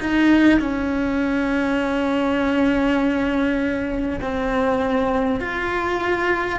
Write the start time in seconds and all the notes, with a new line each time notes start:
0.00 D#4
0.59 C#4
4.21 C4
5.40 F4